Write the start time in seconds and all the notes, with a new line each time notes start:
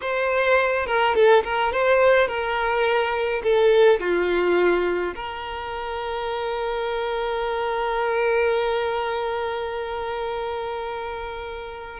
0.01 C5
0.86 A#4
1.14 A4
1.43 A#4
1.72 C5
2.27 A#4
3.43 A4
3.99 F4
5.15 A#4